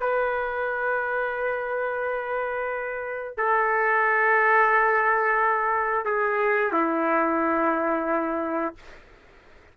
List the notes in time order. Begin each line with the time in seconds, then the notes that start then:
0.00 B4
3.37 A4
6.05 G#4
6.72 E4